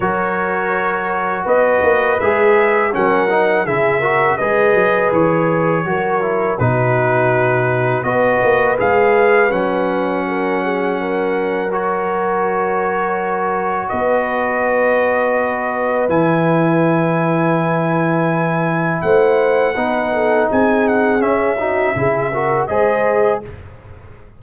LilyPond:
<<
  \new Staff \with { instrumentName = "trumpet" } { \time 4/4 \tempo 4 = 82 cis''2 dis''4 e''4 | fis''4 e''4 dis''4 cis''4~ | cis''4 b'2 dis''4 | f''4 fis''2. |
cis''2. dis''4~ | dis''2 gis''2~ | gis''2 fis''2 | gis''8 fis''8 e''2 dis''4 | }
  \new Staff \with { instrumentName = "horn" } { \time 4/4 ais'2 b'2 | ais'4 gis'8 ais'8 b'2 | ais'4 fis'2 b'4~ | b'2 ais'8 gis'8 ais'4~ |
ais'2. b'4~ | b'1~ | b'2 c''4 b'8 a'8 | gis'4. fis'8 gis'8 ais'8 c''4 | }
  \new Staff \with { instrumentName = "trombone" } { \time 4/4 fis'2. gis'4 | cis'8 dis'8 e'8 fis'8 gis'2 | fis'8 e'8 dis'2 fis'4 | gis'4 cis'2. |
fis'1~ | fis'2 e'2~ | e'2. dis'4~ | dis'4 cis'8 dis'8 e'8 fis'8 gis'4 | }
  \new Staff \with { instrumentName = "tuba" } { \time 4/4 fis2 b8 ais8 gis4 | fis4 cis4 gis8 fis8 e4 | fis4 b,2 b8 ais8 | gis4 fis2.~ |
fis2. b4~ | b2 e2~ | e2 a4 b4 | c'4 cis'4 cis4 gis4 | }
>>